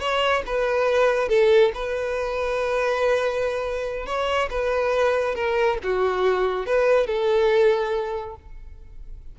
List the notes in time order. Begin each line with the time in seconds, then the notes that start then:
0.00 C#5
0.46 B4
1.29 A4
1.75 B4
4.06 C#5
4.50 B4
5.35 A#4
5.83 F#4
6.66 B4
7.07 A4